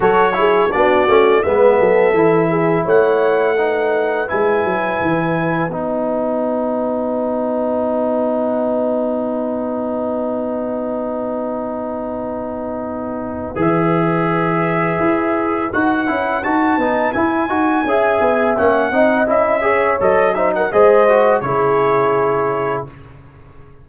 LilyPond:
<<
  \new Staff \with { instrumentName = "trumpet" } { \time 4/4 \tempo 4 = 84 cis''4 d''4 e''2 | fis''2 gis''2 | fis''1~ | fis''1~ |
fis''2. e''4~ | e''2 fis''4 a''4 | gis''2 fis''4 e''4 | dis''8 e''16 fis''16 dis''4 cis''2 | }
  \new Staff \with { instrumentName = "horn" } { \time 4/4 a'8 gis'8 fis'4 b'8 a'4 gis'8 | cis''4 b'2.~ | b'1~ | b'1~ |
b'1~ | b'1~ | b'4 e''4. dis''4 cis''8~ | cis''8 c''16 ais'16 c''4 gis'2 | }
  \new Staff \with { instrumentName = "trombone" } { \time 4/4 fis'8 e'8 d'8 cis'8 b4 e'4~ | e'4 dis'4 e'2 | dis'1~ | dis'1~ |
dis'2. gis'4~ | gis'2 fis'8 e'8 fis'8 dis'8 | e'8 fis'8 gis'4 cis'8 dis'8 e'8 gis'8 | a'8 dis'8 gis'8 fis'8 e'2 | }
  \new Staff \with { instrumentName = "tuba" } { \time 4/4 fis4 b8 a8 gis8 fis8 e4 | a2 gis8 fis8 e4 | b1~ | b1~ |
b2. e4~ | e4 e'4 dis'8 cis'8 dis'8 b8 | e'8 dis'8 cis'8 b8 ais8 c'8 cis'4 | fis4 gis4 cis2 | }
>>